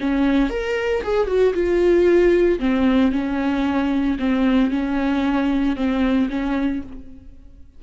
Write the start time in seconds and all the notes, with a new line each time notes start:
0.00 C#4
0.50 A#4
1.03 G#4
1.27 F#4
1.54 F4
2.59 C4
3.12 C#4
4.19 C4
4.71 C#4
5.76 C4
6.29 C#4